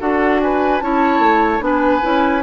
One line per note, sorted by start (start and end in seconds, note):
0.00 0.81 D4
0.00 0.81 F#4
0.00 0.41 A4
0.00 0.41 F#5
0.42 0.83 B4
0.42 0.80 G#5
0.80 1.19 C#4
0.80 1.60 E4
0.80 1.64 C#5
0.80 1.61 A5
1.19 1.60 A3
1.60 2.01 B3
1.60 2.01 D4
1.60 2.43 B4
1.60 2.43 G#5
2.02 2.43 C#4
2.02 2.42 E4